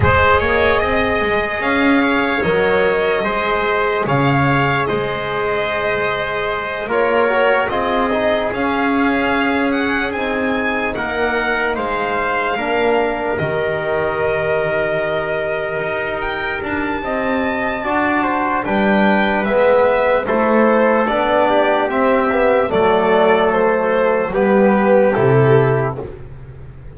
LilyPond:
<<
  \new Staff \with { instrumentName = "violin" } { \time 4/4 \tempo 4 = 74 dis''2 f''4 dis''4~ | dis''4 f''4 dis''2~ | dis''8 cis''4 dis''4 f''4. | fis''8 gis''4 fis''4 f''4.~ |
f''8 dis''2.~ dis''8 | g''8 a''2~ a''8 g''4 | e''4 c''4 d''4 e''4 | d''4 c''4 b'4 a'4 | }
  \new Staff \with { instrumentName = "trumpet" } { \time 4/4 c''8 cis''8 dis''4. cis''4. | c''4 cis''4 c''2~ | c''8 ais'4 gis'2~ gis'8~ | gis'4. ais'4 c''4 ais'8~ |
ais'1~ | ais'4 dis''4 d''8 c''8 b'4~ | b'4 a'4. g'4. | a'2 g'2 | }
  \new Staff \with { instrumentName = "trombone" } { \time 4/4 gis'2. ais'4 | gis'1~ | gis'8 f'8 fis'8 f'8 dis'8 cis'4.~ | cis'8 dis'2. d'8~ |
d'8 g'2.~ g'8~ | g'2 fis'4 d'4 | b4 e'4 d'4 c'8 b8 | a2 b4 e'4 | }
  \new Staff \with { instrumentName = "double bass" } { \time 4/4 gis8 ais8 c'8 gis8 cis'4 fis4 | gis4 cis4 gis2~ | gis8 ais4 c'4 cis'4.~ | cis'8 c'4 ais4 gis4 ais8~ |
ais8 dis2. dis'8~ | dis'8 d'8 c'4 d'4 g4 | gis4 a4 b4 c'4 | fis2 g4 c4 | }
>>